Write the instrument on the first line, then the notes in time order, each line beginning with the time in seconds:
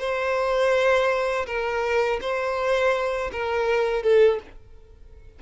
violin
0.00 C5
1.47 A#4
2.21 C5
3.32 A#4
4.03 A4